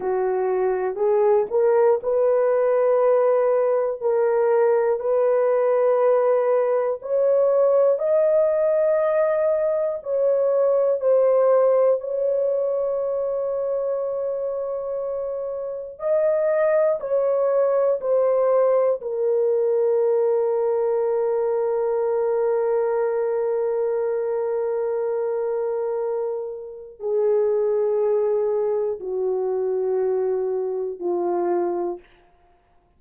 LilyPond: \new Staff \with { instrumentName = "horn" } { \time 4/4 \tempo 4 = 60 fis'4 gis'8 ais'8 b'2 | ais'4 b'2 cis''4 | dis''2 cis''4 c''4 | cis''1 |
dis''4 cis''4 c''4 ais'4~ | ais'1~ | ais'2. gis'4~ | gis'4 fis'2 f'4 | }